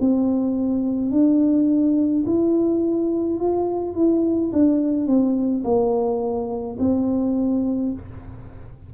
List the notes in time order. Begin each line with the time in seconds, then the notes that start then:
0.00 C4
1.11 D4
2.26 E4
3.39 F4
3.95 E4
4.52 D4
5.06 C4
5.64 A#3
6.79 C4